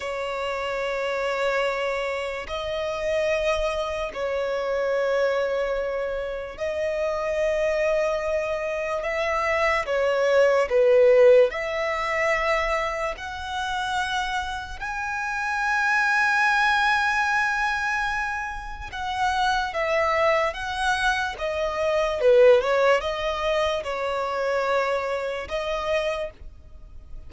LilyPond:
\new Staff \with { instrumentName = "violin" } { \time 4/4 \tempo 4 = 73 cis''2. dis''4~ | dis''4 cis''2. | dis''2. e''4 | cis''4 b'4 e''2 |
fis''2 gis''2~ | gis''2. fis''4 | e''4 fis''4 dis''4 b'8 cis''8 | dis''4 cis''2 dis''4 | }